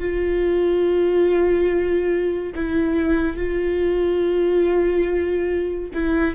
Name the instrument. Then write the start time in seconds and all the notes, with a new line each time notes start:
viola
0.00 F4
2.56 E4
3.37 F4
5.94 E4